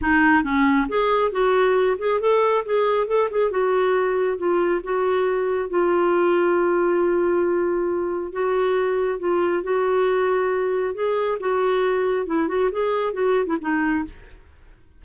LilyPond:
\new Staff \with { instrumentName = "clarinet" } { \time 4/4 \tempo 4 = 137 dis'4 cis'4 gis'4 fis'4~ | fis'8 gis'8 a'4 gis'4 a'8 gis'8 | fis'2 f'4 fis'4~ | fis'4 f'2.~ |
f'2. fis'4~ | fis'4 f'4 fis'2~ | fis'4 gis'4 fis'2 | e'8 fis'8 gis'4 fis'8. e'16 dis'4 | }